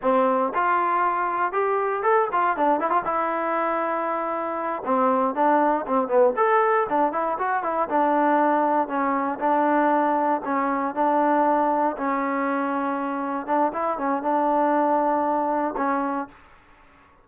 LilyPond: \new Staff \with { instrumentName = "trombone" } { \time 4/4 \tempo 4 = 118 c'4 f'2 g'4 | a'8 f'8 d'8 e'16 f'16 e'2~ | e'4. c'4 d'4 c'8 | b8 a'4 d'8 e'8 fis'8 e'8 d'8~ |
d'4. cis'4 d'4.~ | d'8 cis'4 d'2 cis'8~ | cis'2~ cis'8 d'8 e'8 cis'8 | d'2. cis'4 | }